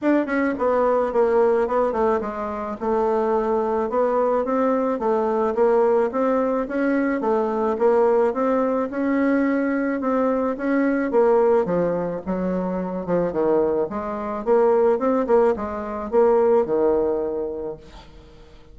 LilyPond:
\new Staff \with { instrumentName = "bassoon" } { \time 4/4 \tempo 4 = 108 d'8 cis'8 b4 ais4 b8 a8 | gis4 a2 b4 | c'4 a4 ais4 c'4 | cis'4 a4 ais4 c'4 |
cis'2 c'4 cis'4 | ais4 f4 fis4. f8 | dis4 gis4 ais4 c'8 ais8 | gis4 ais4 dis2 | }